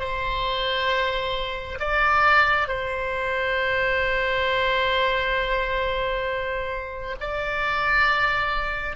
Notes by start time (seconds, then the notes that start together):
0.00 C5
1.80 D5
2.69 C5
7.21 D5